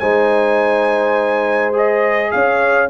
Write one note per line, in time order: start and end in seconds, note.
0.00 2.32 G#3
0.00 1.73 D#4
0.00 2.32 C5
0.00 1.73 G#5
1.73 2.89 G#4
1.73 2.31 D#5
2.31 2.90 C#4
2.31 2.90 C#5
2.31 2.89 F5